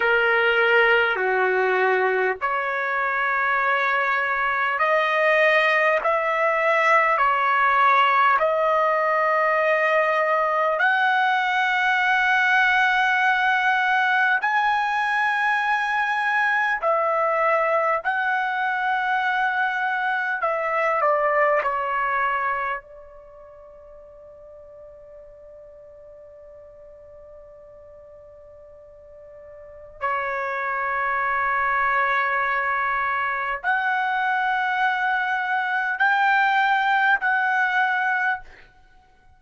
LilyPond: \new Staff \with { instrumentName = "trumpet" } { \time 4/4 \tempo 4 = 50 ais'4 fis'4 cis''2 | dis''4 e''4 cis''4 dis''4~ | dis''4 fis''2. | gis''2 e''4 fis''4~ |
fis''4 e''8 d''8 cis''4 d''4~ | d''1~ | d''4 cis''2. | fis''2 g''4 fis''4 | }